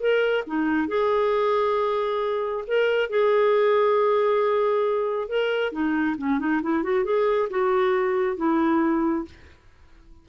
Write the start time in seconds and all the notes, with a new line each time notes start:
0.00 A#4
0.47 D#4
0.88 G#4
2.68 A#4
3.10 G#4
5.28 A#4
5.72 D#4
6.17 C#4
6.39 D#4
6.63 E4
6.83 F#4
7.05 G#4
7.50 F#4
8.37 E4